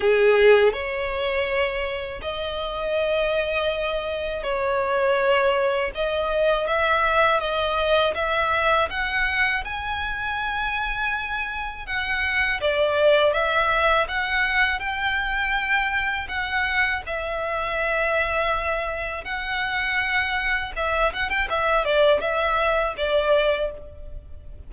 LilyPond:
\new Staff \with { instrumentName = "violin" } { \time 4/4 \tempo 4 = 81 gis'4 cis''2 dis''4~ | dis''2 cis''2 | dis''4 e''4 dis''4 e''4 | fis''4 gis''2. |
fis''4 d''4 e''4 fis''4 | g''2 fis''4 e''4~ | e''2 fis''2 | e''8 fis''16 g''16 e''8 d''8 e''4 d''4 | }